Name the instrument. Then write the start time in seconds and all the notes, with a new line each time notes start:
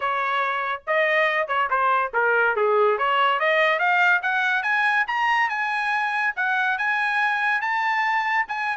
trumpet
0.00 C#5
0.86 D#5
1.47 C#5
1.70 C5
2.13 A#4
2.56 G#4
2.98 C#5
3.39 D#5
3.79 F5
4.22 F#5
4.62 G#5
5.07 A#5
5.49 G#5
6.36 F#5
6.78 G#5
7.61 A5
8.48 G#5